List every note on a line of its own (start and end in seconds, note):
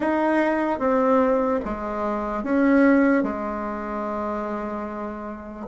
0.00 0.79 D#4
0.79 1.60 C4
1.64 2.43 G#3
2.43 3.23 C#4
3.23 5.66 G#3